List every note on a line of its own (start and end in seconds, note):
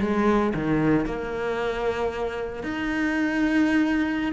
0.00 0.53 G#3
0.54 1.05 D#3
1.05 2.63 A#3
2.63 4.32 D#4